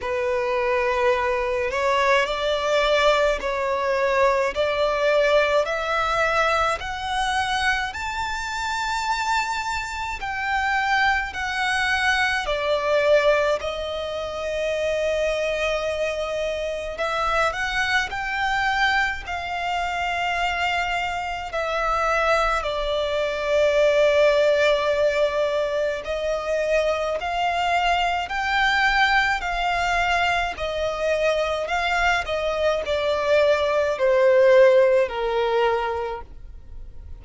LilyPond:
\new Staff \with { instrumentName = "violin" } { \time 4/4 \tempo 4 = 53 b'4. cis''8 d''4 cis''4 | d''4 e''4 fis''4 a''4~ | a''4 g''4 fis''4 d''4 | dis''2. e''8 fis''8 |
g''4 f''2 e''4 | d''2. dis''4 | f''4 g''4 f''4 dis''4 | f''8 dis''8 d''4 c''4 ais'4 | }